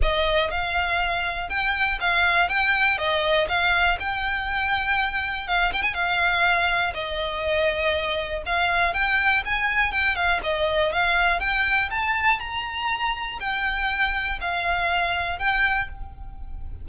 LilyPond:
\new Staff \with { instrumentName = "violin" } { \time 4/4 \tempo 4 = 121 dis''4 f''2 g''4 | f''4 g''4 dis''4 f''4 | g''2. f''8 g''16 gis''16 | f''2 dis''2~ |
dis''4 f''4 g''4 gis''4 | g''8 f''8 dis''4 f''4 g''4 | a''4 ais''2 g''4~ | g''4 f''2 g''4 | }